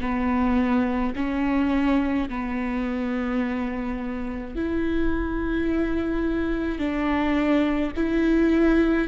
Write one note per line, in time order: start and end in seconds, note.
0.00 1.13 B3
1.15 2.28 C#4
2.29 4.55 B3
4.55 6.78 E4
6.78 7.91 D4
7.96 9.08 E4